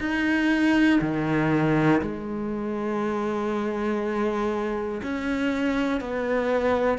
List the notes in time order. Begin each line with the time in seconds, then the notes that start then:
0.00 D#4
1.01 D#3
2.02 G#3
5.03 C#4
6.01 B3